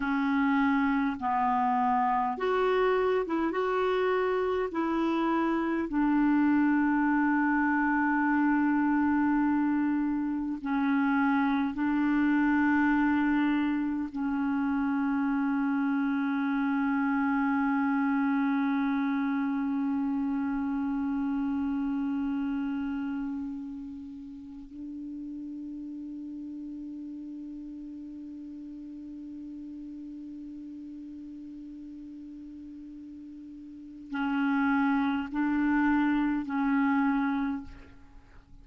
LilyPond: \new Staff \with { instrumentName = "clarinet" } { \time 4/4 \tempo 4 = 51 cis'4 b4 fis'8. e'16 fis'4 | e'4 d'2.~ | d'4 cis'4 d'2 | cis'1~ |
cis'1~ | cis'4 d'2.~ | d'1~ | d'4 cis'4 d'4 cis'4 | }